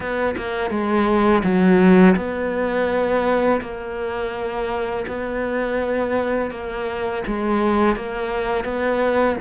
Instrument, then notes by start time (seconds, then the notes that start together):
cello
0.00 B3
0.37 A#3
0.70 G#3
1.43 F#3
2.16 B3
3.61 A#3
5.07 B3
6.51 A#3
7.26 G#3
7.96 A#3
8.64 B3